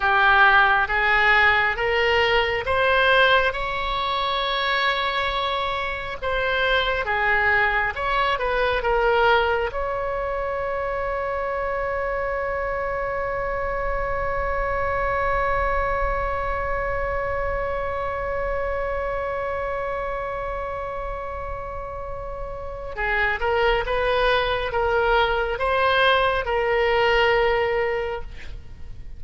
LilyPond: \new Staff \with { instrumentName = "oboe" } { \time 4/4 \tempo 4 = 68 g'4 gis'4 ais'4 c''4 | cis''2. c''4 | gis'4 cis''8 b'8 ais'4 cis''4~ | cis''1~ |
cis''1~ | cis''1~ | cis''2 gis'8 ais'8 b'4 | ais'4 c''4 ais'2 | }